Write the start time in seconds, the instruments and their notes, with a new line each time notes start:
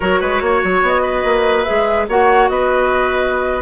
0.00 bassoon F#3, clarinet F#4, oboe A#4, flute C#5
0.20 bassoon G#3, oboe B4
0.41 bassoon A#3, oboe C#5
0.63 bassoon F#3
0.82 bassoon B3, flute D#5
1.02 oboe B4
1.24 bassoon A#3
1.64 clarinet G#4, flute E5
1.70 bassoon G#3
2.08 bassoon A#3, clarinet F#4, oboe C#5, flute F#5
2.48 bassoon B3, oboe B4, flute D#5